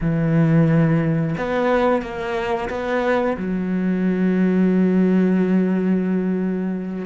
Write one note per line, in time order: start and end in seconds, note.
0.00 1.35 E3
1.37 2.01 B3
2.01 2.69 A#3
2.69 3.36 B3
3.37 7.05 F#3